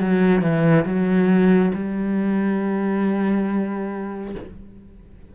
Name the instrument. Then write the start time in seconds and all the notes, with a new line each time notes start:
cello
0.00 F#3
0.42 E3
0.85 F#3
1.74 G3